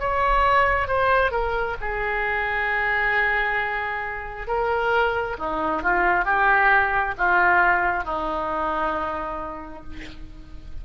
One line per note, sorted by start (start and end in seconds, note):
0.00 0.88 C#5
0.88 1.31 C5
1.31 1.76 A#4
1.81 4.47 G#4
4.47 5.37 A#4
5.39 5.82 D#4
5.82 6.25 F4
6.25 7.15 G4
7.18 8.04 F4
8.04 9.83 D#4